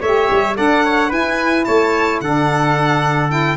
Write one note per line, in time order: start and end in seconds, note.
0.00 0.29 A3
0.00 0.54 G4
0.00 0.55 C#5
0.00 0.56 E5
0.30 0.58 G3
0.54 1.12 D4
0.54 1.09 A4
0.54 0.83 D5
0.54 1.11 F#5
0.84 1.09 C#5
1.09 1.67 E4
1.09 2.24 E4
1.09 1.64 B4
1.09 1.64 G#5
1.64 2.21 A3
1.64 2.21 C#5
1.64 2.19 A5
2.21 3.56 D3
2.21 3.29 D4
2.21 3.56 A4
2.21 3.30 F#5
3.29 3.56 E4
3.29 3.56 G5